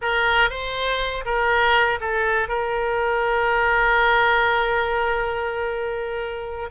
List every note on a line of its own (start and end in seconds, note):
0.01 0.50 A#4
0.50 1.24 C5
1.25 1.99 A#4
2.00 2.48 A4
2.48 6.70 A#4